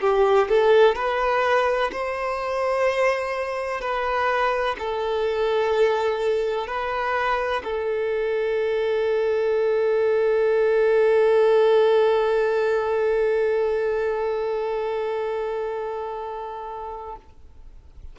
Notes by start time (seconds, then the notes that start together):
0.00 G4
0.48 A4
0.95 B4
1.92 C5
3.81 B4
4.78 A4
6.67 B4
7.64 A4